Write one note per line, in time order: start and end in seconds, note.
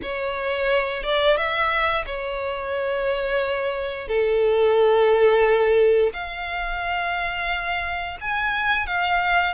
0.02 1.03 C#5
1.03 1.36 D5
1.36 2.05 E5
2.05 4.08 C#5
4.08 6.12 A4
6.13 8.17 F5
8.21 8.86 G#5
8.86 9.54 F5